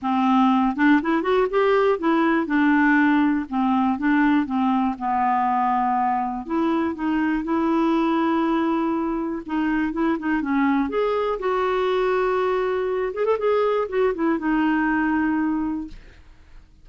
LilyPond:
\new Staff \with { instrumentName = "clarinet" } { \time 4/4 \tempo 4 = 121 c'4. d'8 e'8 fis'8 g'4 | e'4 d'2 c'4 | d'4 c'4 b2~ | b4 e'4 dis'4 e'4~ |
e'2. dis'4 | e'8 dis'8 cis'4 gis'4 fis'4~ | fis'2~ fis'8 gis'16 a'16 gis'4 | fis'8 e'8 dis'2. | }